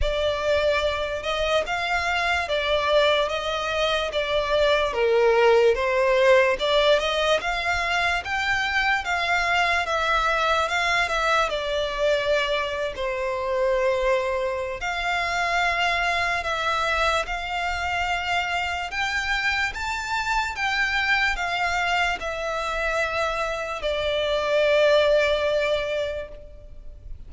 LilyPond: \new Staff \with { instrumentName = "violin" } { \time 4/4 \tempo 4 = 73 d''4. dis''8 f''4 d''4 | dis''4 d''4 ais'4 c''4 | d''8 dis''8 f''4 g''4 f''4 | e''4 f''8 e''8 d''4.~ d''16 c''16~ |
c''2 f''2 | e''4 f''2 g''4 | a''4 g''4 f''4 e''4~ | e''4 d''2. | }